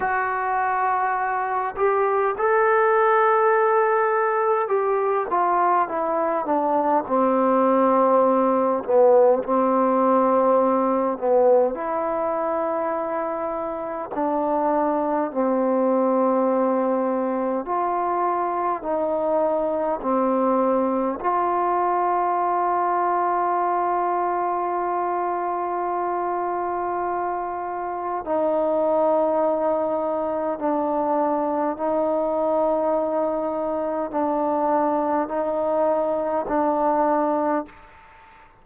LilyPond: \new Staff \with { instrumentName = "trombone" } { \time 4/4 \tempo 4 = 51 fis'4. g'8 a'2 | g'8 f'8 e'8 d'8 c'4. b8 | c'4. b8 e'2 | d'4 c'2 f'4 |
dis'4 c'4 f'2~ | f'1 | dis'2 d'4 dis'4~ | dis'4 d'4 dis'4 d'4 | }